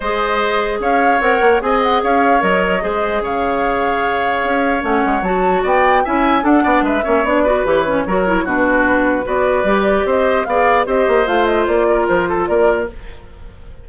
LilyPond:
<<
  \new Staff \with { instrumentName = "flute" } { \time 4/4 \tempo 4 = 149 dis''2 f''4 fis''4 | gis''8 fis''8 f''4 dis''2 | f''1 | fis''4 a''4 g''4 gis''4 |
fis''4 e''4 d''4 cis''4~ | cis''4 b'2 d''4~ | d''4 dis''4 f''4 dis''4 | f''8 dis''8 d''4 c''4 d''4 | }
  \new Staff \with { instrumentName = "oboe" } { \time 4/4 c''2 cis''2 | dis''4 cis''2 c''4 | cis''1~ | cis''2 d''4 e''4 |
a'8 d''8 b'8 cis''4 b'4. | ais'4 fis'2 b'4~ | b'4 c''4 d''4 c''4~ | c''4. ais'4 a'8 ais'4 | }
  \new Staff \with { instrumentName = "clarinet" } { \time 4/4 gis'2. ais'4 | gis'2 ais'4 gis'4~ | gis'1 | cis'4 fis'2 e'4 |
d'4. cis'8 d'8 fis'8 g'8 cis'8 | fis'8 e'8 d'2 fis'4 | g'2 gis'4 g'4 | f'1 | }
  \new Staff \with { instrumentName = "bassoon" } { \time 4/4 gis2 cis'4 c'8 ais8 | c'4 cis'4 fis4 gis4 | cis2. cis'4 | a8 gis8 fis4 b4 cis'4 |
d'8 b8 gis8 ais8 b4 e4 | fis4 b,2 b4 | g4 c'4 b4 c'8 ais8 | a4 ais4 f4 ais4 | }
>>